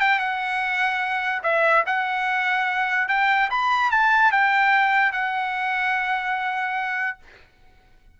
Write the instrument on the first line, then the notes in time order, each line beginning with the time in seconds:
trumpet
0.00 G5
0.19 F#5
1.43 E5
1.86 F#5
3.08 G5
3.50 B5
3.90 A5
4.32 G5
5.12 F#5